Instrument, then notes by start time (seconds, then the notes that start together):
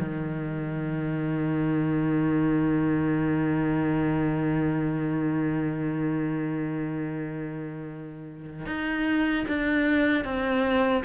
cello
0.00 D#3
8.66 D#4
9.47 D4
10.25 C4